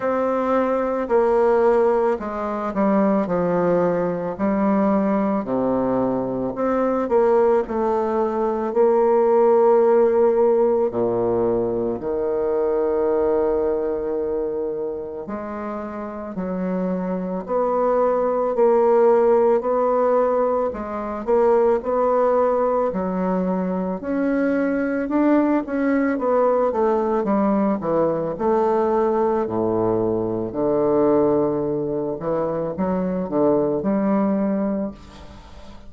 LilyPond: \new Staff \with { instrumentName = "bassoon" } { \time 4/4 \tempo 4 = 55 c'4 ais4 gis8 g8 f4 | g4 c4 c'8 ais8 a4 | ais2 ais,4 dis4~ | dis2 gis4 fis4 |
b4 ais4 b4 gis8 ais8 | b4 fis4 cis'4 d'8 cis'8 | b8 a8 g8 e8 a4 a,4 | d4. e8 fis8 d8 g4 | }